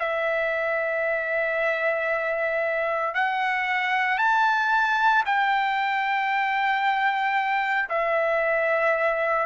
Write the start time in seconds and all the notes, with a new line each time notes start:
0.00 E5
3.15 F#5
4.18 A5
5.26 G5
7.89 E5